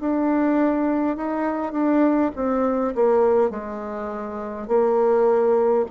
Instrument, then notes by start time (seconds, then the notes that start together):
bassoon
0.00 D4
1.17 D#4
1.72 D4
2.35 C4
2.95 A#3
3.50 G#3
4.67 A#3